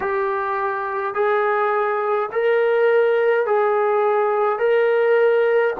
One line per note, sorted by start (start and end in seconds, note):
0.00 1.14 G4
1.14 2.29 G#4
2.31 3.46 A#4
3.46 4.58 G#4
4.58 5.74 A#4